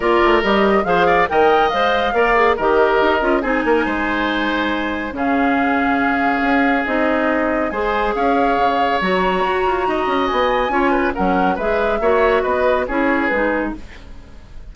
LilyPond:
<<
  \new Staff \with { instrumentName = "flute" } { \time 4/4 \tempo 4 = 140 d''4 dis''4 f''4 g''4 | f''2 dis''2 | gis''1 | f''1 |
dis''2 gis''4 f''4~ | f''4 ais''2. | gis''2 fis''4 e''4~ | e''4 dis''4 cis''4 b'4 | }
  \new Staff \with { instrumentName = "oboe" } { \time 4/4 ais'2 c''8 d''8 dis''4~ | dis''4 d''4 ais'2 | gis'8 ais'8 c''2. | gis'1~ |
gis'2 c''4 cis''4~ | cis''2. dis''4~ | dis''4 cis''8 b'8 ais'4 b'4 | cis''4 b'4 gis'2 | }
  \new Staff \with { instrumentName = "clarinet" } { \time 4/4 f'4 g'4 gis'4 ais'4 | c''4 ais'8 gis'8 g'4. f'8 | dis'1 | cis'1 |
dis'2 gis'2~ | gis'4 fis'2.~ | fis'4 f'4 cis'4 gis'4 | fis'2 e'4 dis'4 | }
  \new Staff \with { instrumentName = "bassoon" } { \time 4/4 ais8 a8 g4 f4 dis4 | gis4 ais4 dis4 dis'8 cis'8 | c'8 ais8 gis2. | cis2. cis'4 |
c'2 gis4 cis'4 | cis4 fis4 fis'8 f'8 dis'8 cis'8 | b4 cis'4 fis4 gis4 | ais4 b4 cis'4 gis4 | }
>>